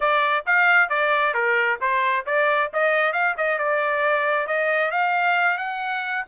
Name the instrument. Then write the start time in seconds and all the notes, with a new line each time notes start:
trumpet
0.00 D5
0.46 F5
0.89 D5
1.34 A#4
1.81 C5
2.26 D5
2.73 D#5
3.12 F5
3.37 D#5
3.58 D5
4.47 D#5
4.91 F5
5.57 F#5